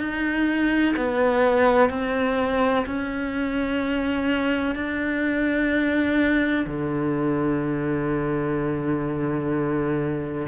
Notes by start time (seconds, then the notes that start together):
0.00 D#4
0.97 B3
1.90 C4
2.86 C#4
4.75 D4
6.67 D3